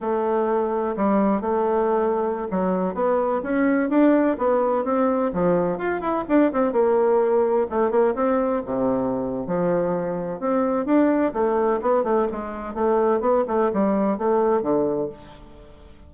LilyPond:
\new Staff \with { instrumentName = "bassoon" } { \time 4/4 \tempo 4 = 127 a2 g4 a4~ | a4~ a16 fis4 b4 cis'8.~ | cis'16 d'4 b4 c'4 f8.~ | f16 f'8 e'8 d'8 c'8 ais4.~ ais16~ |
ais16 a8 ais8 c'4 c4.~ c16 | f2 c'4 d'4 | a4 b8 a8 gis4 a4 | b8 a8 g4 a4 d4 | }